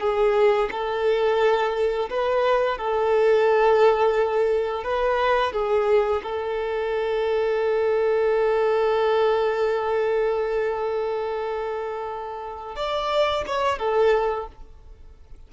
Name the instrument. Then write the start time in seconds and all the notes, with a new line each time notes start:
violin
0.00 G#4
0.71 A4
2.10 B4
2.78 A4
4.83 B4
5.53 G#4
6.23 A4
12.76 D5
13.46 C#5
13.78 A4